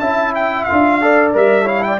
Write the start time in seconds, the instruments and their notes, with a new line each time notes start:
0.00 tuba C#4, trombone E4, horn E5, trumpet A5
0.35 trumpet G5
0.64 trombone F4, trumpet F5
0.72 tuba D4
1.02 trombone A4, horn D5
1.34 tuba G3, trombone A#4, trumpet E5
1.64 trombone E4, horn C#5, trumpet F5
1.83 horn D5, trumpet G5